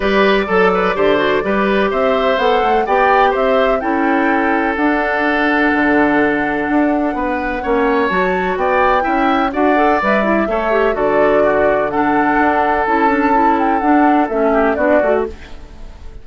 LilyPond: <<
  \new Staff \with { instrumentName = "flute" } { \time 4/4 \tempo 4 = 126 d''1 | e''4 fis''4 g''4 e''4 | g''2 fis''2~ | fis''1~ |
fis''4 a''4 g''2 | fis''4 e''2 d''4~ | d''4 fis''2 a''4~ | a''8 g''8 fis''4 e''4 d''4 | }
  \new Staff \with { instrumentName = "oboe" } { \time 4/4 b'4 a'8 b'8 c''4 b'4 | c''2 d''4 c''4 | a'1~ | a'2. b'4 |
cis''2 d''4 e''4 | d''2 cis''4 a'4 | fis'4 a'2.~ | a'2~ a'8 g'8 fis'4 | }
  \new Staff \with { instrumentName = "clarinet" } { \time 4/4 g'4 a'4 g'8 fis'8 g'4~ | g'4 a'4 g'2 | e'2 d'2~ | d'1 |
cis'4 fis'2 e'4 | fis'8 a'8 b'8 e'8 a'8 g'8 fis'4~ | fis'4 d'2 e'8 d'8 | e'4 d'4 cis'4 d'8 fis'8 | }
  \new Staff \with { instrumentName = "bassoon" } { \time 4/4 g4 fis4 d4 g4 | c'4 b8 a8 b4 c'4 | cis'2 d'2 | d2 d'4 b4 |
ais4 fis4 b4 cis'4 | d'4 g4 a4 d4~ | d2 d'4 cis'4~ | cis'4 d'4 a4 b8 a8 | }
>>